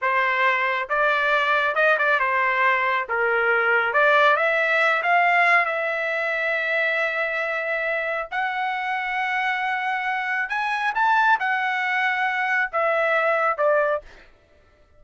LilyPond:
\new Staff \with { instrumentName = "trumpet" } { \time 4/4 \tempo 4 = 137 c''2 d''2 | dis''8 d''8 c''2 ais'4~ | ais'4 d''4 e''4. f''8~ | f''4 e''2.~ |
e''2. fis''4~ | fis''1 | gis''4 a''4 fis''2~ | fis''4 e''2 d''4 | }